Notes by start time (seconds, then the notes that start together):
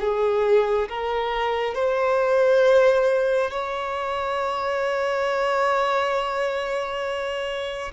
0.00 G#4
0.89 A#4
1.74 C5
3.51 C#5